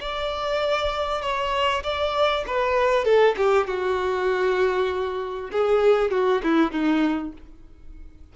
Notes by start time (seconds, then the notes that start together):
0.00 D5
1.22 C#5
1.83 D5
2.47 B4
3.04 A4
3.37 G4
3.67 F#4
5.52 G#4
6.11 F#4
6.43 E4
6.72 D#4